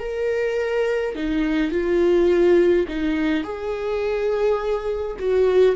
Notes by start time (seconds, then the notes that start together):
0.00 A#4
1.15 D#4
1.72 F4
2.88 D#4
3.44 G#4
5.19 F#4